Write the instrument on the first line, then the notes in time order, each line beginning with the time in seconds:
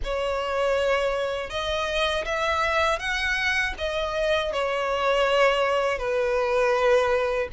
violin
0.04 C#5
1.50 D#5
2.25 E5
2.99 F#5
3.77 D#5
4.52 C#5
5.98 B4